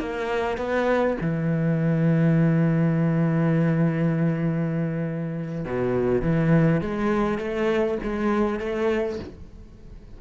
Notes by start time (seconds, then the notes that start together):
0.00 A#3
0.58 B3
1.21 E3
5.65 B2
6.22 E3
6.81 G#3
7.39 A3
8.03 G#3
8.59 A3